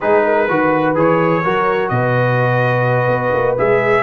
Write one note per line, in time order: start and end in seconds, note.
0.00 0.48 G#3
0.00 0.48 D#4
0.00 0.24 G#4
0.00 0.96 B4
0.26 0.49 A#4
0.48 0.96 D#3
0.48 0.95 F#4
0.48 1.43 B4
0.95 1.43 E3
0.95 1.42 G#4
0.95 1.88 C#5
1.43 1.90 F#3
1.43 3.57 F#4
1.43 1.91 A#4
1.88 3.07 B2
1.88 4.03 B4
1.88 3.55 D#5
3.07 3.31 B3
3.33 3.57 A#3
3.57 4.03 G#3
3.57 4.03 G#4
3.57 4.03 E5